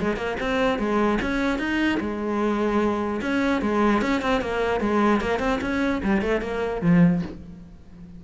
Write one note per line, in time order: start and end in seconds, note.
0.00 0.17 G#3
0.17 0.37 A#3
0.41 0.79 C4
0.79 1.19 G#3
1.22 1.59 C#4
1.59 1.99 D#4
2.00 3.21 G#3
3.22 3.62 C#4
3.62 4.02 G#3
4.02 4.22 C#4
4.22 4.42 C4
4.42 4.81 A#3
4.81 5.21 G#3
5.21 5.40 A#3
5.40 5.60 C4
5.62 6.02 C#4
6.03 6.22 G3
6.22 6.42 A3
6.42 6.82 A#3
6.82 7.22 F3